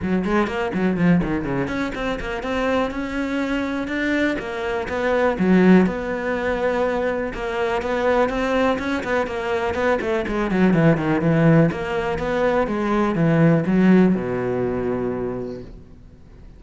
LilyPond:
\new Staff \with { instrumentName = "cello" } { \time 4/4 \tempo 4 = 123 fis8 gis8 ais8 fis8 f8 dis8 cis8 cis'8 | c'8 ais8 c'4 cis'2 | d'4 ais4 b4 fis4 | b2. ais4 |
b4 c'4 cis'8 b8 ais4 | b8 a8 gis8 fis8 e8 dis8 e4 | ais4 b4 gis4 e4 | fis4 b,2. | }